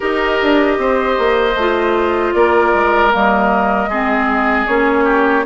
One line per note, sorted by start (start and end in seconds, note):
0.00 0.41 D#4
0.00 1.53 G4
0.00 0.78 A#4
0.00 2.34 D#5
0.42 0.78 D4
0.78 1.17 C4
0.78 2.34 C5
1.18 1.54 A#3
1.54 2.32 A3
1.54 3.10 F4
2.34 2.73 A#3
2.34 3.89 A#4
2.34 3.12 D5
2.74 3.13 G#3
3.10 3.87 G3
3.10 3.88 A#3
3.10 4.67 D#5
3.87 4.65 G#3
3.87 4.67 C4
3.87 5.04 G#4
4.67 5.45 A#3
4.67 5.45 C#4
4.67 5.45 C#5
5.04 5.43 G4